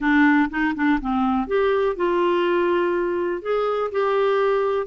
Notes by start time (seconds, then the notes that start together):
0.00 D4
0.49 D#4
0.75 D4
1.00 C4
1.47 G4
1.95 F4
3.41 G#4
3.91 G4